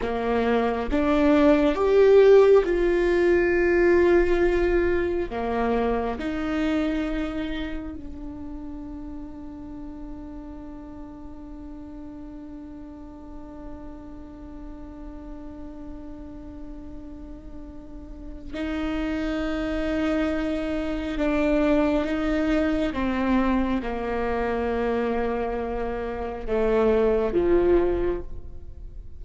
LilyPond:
\new Staff \with { instrumentName = "viola" } { \time 4/4 \tempo 4 = 68 ais4 d'4 g'4 f'4~ | f'2 ais4 dis'4~ | dis'4 d'2.~ | d'1~ |
d'1~ | d'4 dis'2. | d'4 dis'4 c'4 ais4~ | ais2 a4 f4 | }